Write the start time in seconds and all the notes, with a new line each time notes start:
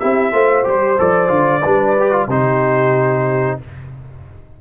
0.00 C4 E4 G4 E5
0.33 A3 F4 C5
0.65 G3 G4 C5
0.99 F3 A4 D5
1.28 D3 F4
1.63 G3 D4 B4
2.00 G4
2.12 F4
2.27 C3 D#4 G4 C5